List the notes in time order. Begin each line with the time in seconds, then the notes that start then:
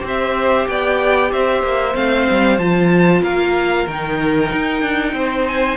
0.00 C4 G4 C5
0.08 E5
0.68 B3 D5 G5
1.33 C4 C5 E5
1.63 A#3
1.95 A3 C4 F5
2.31 G3
2.59 F3 F4 A5
3.22 A#3 A#4 F5
3.87 D#3 D#4 G5
4.53 D#4
4.82 D4
5.13 C4 C5
5.48 G#5